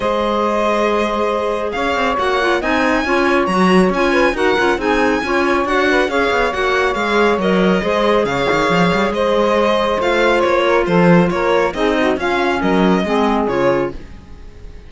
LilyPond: <<
  \new Staff \with { instrumentName = "violin" } { \time 4/4 \tempo 4 = 138 dis''1 | f''4 fis''4 gis''2 | ais''4 gis''4 fis''4 gis''4~ | gis''4 fis''4 f''4 fis''4 |
f''4 dis''2 f''4~ | f''4 dis''2 f''4 | cis''4 c''4 cis''4 dis''4 | f''4 dis''2 cis''4 | }
  \new Staff \with { instrumentName = "saxophone" } { \time 4/4 c''1 | cis''2 dis''4 cis''4~ | cis''4. b'8 ais'4 gis'4 | cis''4. b'8 cis''2~ |
cis''2 c''4 cis''4~ | cis''4 c''2.~ | c''8 ais'8 a'4 ais'4 gis'8 fis'8 | f'4 ais'4 gis'2 | }
  \new Staff \with { instrumentName = "clarinet" } { \time 4/4 gis'1~ | gis'4 fis'8 f'8 dis'4 f'4 | fis'4 f'4 fis'8 f'8 dis'4 | f'4 fis'4 gis'4 fis'4 |
gis'4 ais'4 gis'2~ | gis'2. f'4~ | f'2. dis'4 | cis'2 c'4 f'4 | }
  \new Staff \with { instrumentName = "cello" } { \time 4/4 gis1 | cis'8 c'8 ais4 c'4 cis'4 | fis4 cis'4 dis'8 cis'8 c'4 | cis'4 d'4 cis'8 b8 ais4 |
gis4 fis4 gis4 cis8 dis8 | f8 g8 gis2 a4 | ais4 f4 ais4 c'4 | cis'4 fis4 gis4 cis4 | }
>>